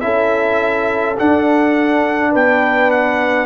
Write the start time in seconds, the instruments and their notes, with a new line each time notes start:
0.00 tuba C#4, trombone E4, horn A4, trumpet E5
1.17 trombone D4, tuba D4, trumpet F#5
2.31 tuba B3, horn B4, trumpet G5
2.91 trumpet F#5